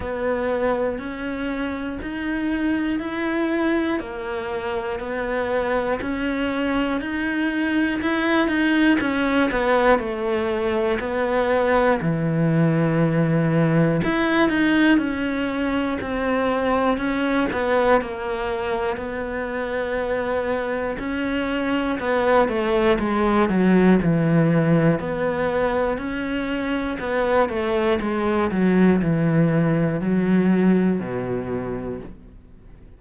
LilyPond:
\new Staff \with { instrumentName = "cello" } { \time 4/4 \tempo 4 = 60 b4 cis'4 dis'4 e'4 | ais4 b4 cis'4 dis'4 | e'8 dis'8 cis'8 b8 a4 b4 | e2 e'8 dis'8 cis'4 |
c'4 cis'8 b8 ais4 b4~ | b4 cis'4 b8 a8 gis8 fis8 | e4 b4 cis'4 b8 a8 | gis8 fis8 e4 fis4 b,4 | }